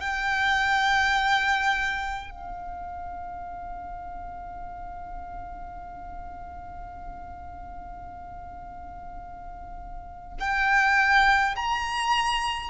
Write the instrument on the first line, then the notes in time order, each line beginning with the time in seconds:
violin
0.00 G5
2.31 F5
10.40 G5
11.56 A#5